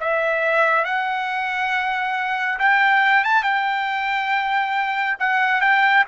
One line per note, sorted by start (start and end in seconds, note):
0.00 0.85 E5
0.85 2.58 F#5
2.59 3.24 G5
3.24 3.43 A5
3.43 5.17 G5
5.19 5.61 F#5
5.61 6.04 G5